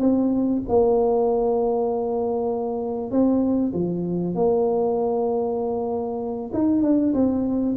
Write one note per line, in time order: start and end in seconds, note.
0.00 0.62 C4
0.69 3.11 A#3
3.11 3.73 C4
3.73 4.35 F3
4.35 6.52 A#3
6.54 6.83 D#4
6.83 7.14 D4
7.14 7.76 C4